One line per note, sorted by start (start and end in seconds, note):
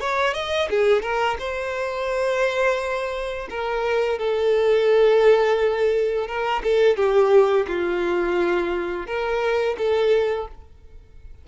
0.00 0.33 C#5
0.33 0.68 D#5
0.69 1.02 G#4
1.02 1.37 A#4
1.39 3.48 C5
3.49 4.18 A#4
4.18 6.27 A4
6.27 6.62 A#4
6.63 6.96 A4
6.96 7.66 G4
7.67 9.06 F4
9.06 9.76 A#4
9.78 10.47 A4